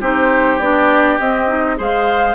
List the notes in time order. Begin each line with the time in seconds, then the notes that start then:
0.00 C4 D#4 G4 C5
0.59 B3 D4 D5
1.19 C4 D#5
1.48 D#4
1.76 G#3 G#4 C5 F5